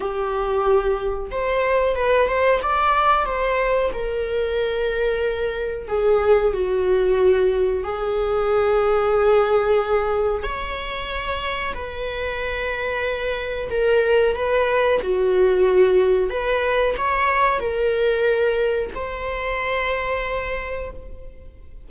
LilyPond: \new Staff \with { instrumentName = "viola" } { \time 4/4 \tempo 4 = 92 g'2 c''4 b'8 c''8 | d''4 c''4 ais'2~ | ais'4 gis'4 fis'2 | gis'1 |
cis''2 b'2~ | b'4 ais'4 b'4 fis'4~ | fis'4 b'4 cis''4 ais'4~ | ais'4 c''2. | }